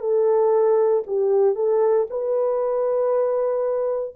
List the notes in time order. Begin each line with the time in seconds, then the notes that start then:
0.00 A4
1.07 G4
1.55 A4
2.10 B4